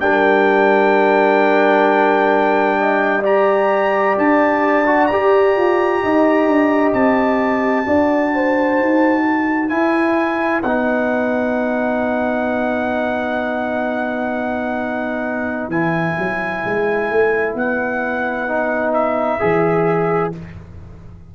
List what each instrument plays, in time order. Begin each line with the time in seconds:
0.00 tuba G3, trombone D4, horn A#4, trumpet G5
2.79 horn D#5
3.22 trombone G4, horn D5, trumpet A#5
4.18 tuba D4, trumpet A5
4.87 trombone F#4
5.07 tuba G4, trombone G4, trumpet A#5
5.57 tuba F4
6.04 tuba D#4, horn D#5
6.47 tuba D4
6.93 tuba C4, trumpet A5
7.85 tuba D4, trombone F#4, horn D5
8.35 horn C5
8.80 tuba D#4
9.25 horn B4
9.69 trombone E4, tuba E4, trumpet G#5
10.63 tuba B3, trombone D#4, trumpet F#5
15.68 tuba E3, trombone E4, trumpet G#5
16.19 tuba F#3
16.65 tuba G#3
17.11 tuba A3
17.55 tuba B3, trumpet F#5
18.49 trombone D#4
18.93 trumpet E5
19.40 tuba E3, trombone G#4